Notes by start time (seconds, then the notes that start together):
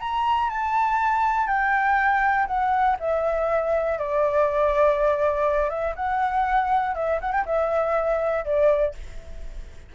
0.00 A#5
0.49 A5
1.47 G5
2.47 F#5
3.00 E5
3.98 D5
5.70 E5
5.95 F#5
6.95 E5
7.21 F#5
7.32 G5
7.45 E5
8.45 D5